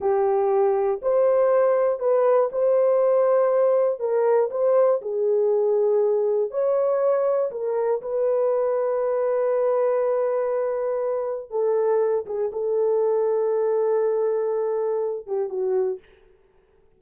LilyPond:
\new Staff \with { instrumentName = "horn" } { \time 4/4 \tempo 4 = 120 g'2 c''2 | b'4 c''2. | ais'4 c''4 gis'2~ | gis'4 cis''2 ais'4 |
b'1~ | b'2. a'4~ | a'8 gis'8 a'2.~ | a'2~ a'8 g'8 fis'4 | }